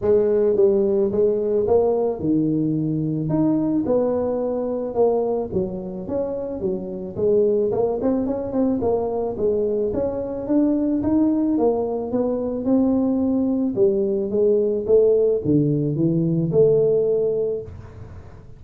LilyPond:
\new Staff \with { instrumentName = "tuba" } { \time 4/4 \tempo 4 = 109 gis4 g4 gis4 ais4 | dis2 dis'4 b4~ | b4 ais4 fis4 cis'4 | fis4 gis4 ais8 c'8 cis'8 c'8 |
ais4 gis4 cis'4 d'4 | dis'4 ais4 b4 c'4~ | c'4 g4 gis4 a4 | d4 e4 a2 | }